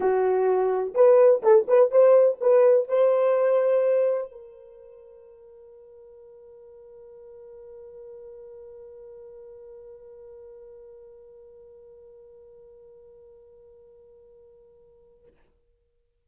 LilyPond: \new Staff \with { instrumentName = "horn" } { \time 4/4 \tempo 4 = 126 fis'2 b'4 a'8 b'8 | c''4 b'4 c''2~ | c''4 ais'2.~ | ais'1~ |
ais'1~ | ais'1~ | ais'1~ | ais'1 | }